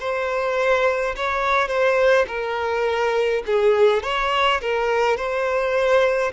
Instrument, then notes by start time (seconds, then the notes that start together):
violin
0.00 C5
1.16 C#5
1.68 C5
2.28 A#4
3.47 G#4
4.03 C#5
4.61 A#4
5.17 C5